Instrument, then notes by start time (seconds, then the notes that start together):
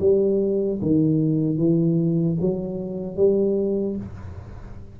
tuba
0.00 G3
0.82 D#3
1.57 E3
2.41 F#3
3.16 G3